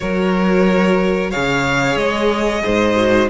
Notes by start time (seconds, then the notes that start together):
0.00 F#3 F#4 A#4 C#5
1.30 C#3 G#4 C#5 F5
1.96 G#3 D#5
2.63 G#2 C5
2.96 F#4